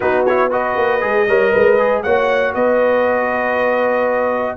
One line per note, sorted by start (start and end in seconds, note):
0.00 0.76 B3
0.00 0.26 D#4
0.00 0.51 F#4
0.00 0.25 B4
0.25 0.50 E4
0.25 0.51 C#5
0.50 1.00 F#4
0.50 1.27 B4
0.50 2.02 D#5
0.76 1.02 A#3
1.00 1.27 G#3
1.00 1.26 G#4
1.27 1.52 G3
1.27 1.78 A#4
1.27 1.51 C#5
1.51 2.05 G#3
1.51 2.02 B4
1.78 2.03 G#4
2.02 2.54 A#3
2.02 4.57 F#4
2.02 2.54 C#5
2.02 2.53 F#5
2.54 4.57 B3
2.54 4.57 B4
2.54 4.57 D#5